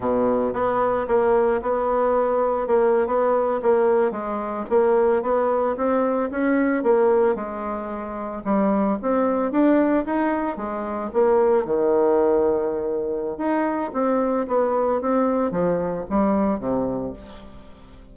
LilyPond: \new Staff \with { instrumentName = "bassoon" } { \time 4/4 \tempo 4 = 112 b,4 b4 ais4 b4~ | b4 ais8. b4 ais4 gis16~ | gis8. ais4 b4 c'4 cis'16~ | cis'8. ais4 gis2 g16~ |
g8. c'4 d'4 dis'4 gis16~ | gis8. ais4 dis2~ dis16~ | dis4 dis'4 c'4 b4 | c'4 f4 g4 c4 | }